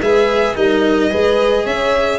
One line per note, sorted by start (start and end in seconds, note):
0.00 0.55 G#3
0.00 0.56 G#4
0.00 0.56 B4
0.00 0.56 E5
0.56 1.12 G3
0.56 1.10 D#4
0.56 1.11 A#4
0.56 1.66 D#5
1.10 1.66 G#3
1.10 2.19 G#4
1.10 1.65 B4
1.65 2.19 C#4
1.65 2.19 C#5
1.65 2.19 E5